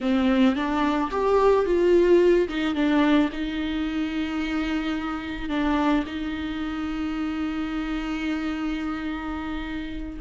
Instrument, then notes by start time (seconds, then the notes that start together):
viola
0.00 C4
0.55 D4
1.10 G4
1.65 F4
2.48 D#4
2.74 D4
3.32 D#4
5.49 D4
6.06 D#4